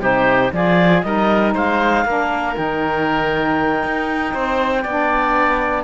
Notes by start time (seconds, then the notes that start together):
0.00 C3 D#4 G4 C5
0.53 F3 F4 G#4 D5
1.02 G3 D#4 A#4 D#5
1.54 G#3 C5 F5
2.05 A#3 D4 A#4
2.55 D#3 D#4 G5
3.84 D#4
4.34 C4 C5
4.83 B3 D4 D5